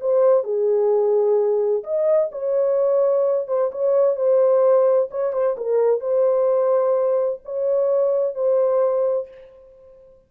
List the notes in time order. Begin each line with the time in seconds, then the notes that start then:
0.00 C5
0.43 G#4
1.83 D#5
2.31 C#5
3.47 C5
3.71 C#5
4.15 C5
5.10 C#5
5.32 C5
5.57 A#4
6.00 C5
7.44 C#5
8.34 C5